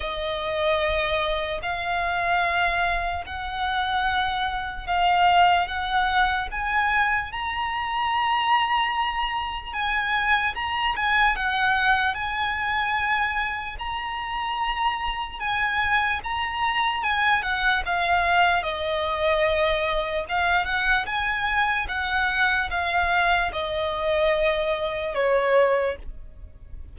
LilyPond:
\new Staff \with { instrumentName = "violin" } { \time 4/4 \tempo 4 = 74 dis''2 f''2 | fis''2 f''4 fis''4 | gis''4 ais''2. | gis''4 ais''8 gis''8 fis''4 gis''4~ |
gis''4 ais''2 gis''4 | ais''4 gis''8 fis''8 f''4 dis''4~ | dis''4 f''8 fis''8 gis''4 fis''4 | f''4 dis''2 cis''4 | }